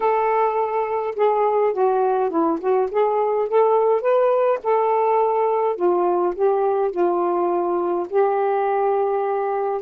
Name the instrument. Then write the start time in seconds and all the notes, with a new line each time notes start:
saxophone
0.00 A4
1.15 G#4
1.73 F#4
2.29 E4
2.60 F#4
2.91 G#4
3.48 A4
4.01 B4
4.63 A4
5.76 F4
6.35 G4
6.91 F4
8.09 G4